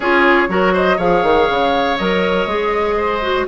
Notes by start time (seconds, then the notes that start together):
0.00 C#4 F4 G#4 C#5
0.48 F#3 F#4 A#4
0.73 C5 D#5
0.97 F3 G#4 C#5 F5
1.23 D#3
1.49 C#3
1.97 F#3 A#4 D#5
2.46 G#3 G#4
2.97 C5
3.22 F#4